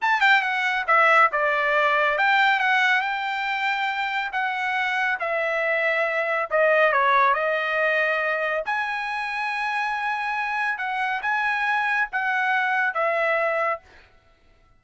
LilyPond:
\new Staff \with { instrumentName = "trumpet" } { \time 4/4 \tempo 4 = 139 a''8 g''8 fis''4 e''4 d''4~ | d''4 g''4 fis''4 g''4~ | g''2 fis''2 | e''2. dis''4 |
cis''4 dis''2. | gis''1~ | gis''4 fis''4 gis''2 | fis''2 e''2 | }